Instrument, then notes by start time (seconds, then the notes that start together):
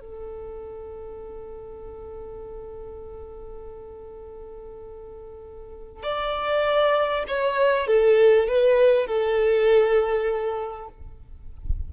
violin
0.00 A4
6.03 D5
7.28 C#5
7.87 A4
8.48 B4
9.07 A4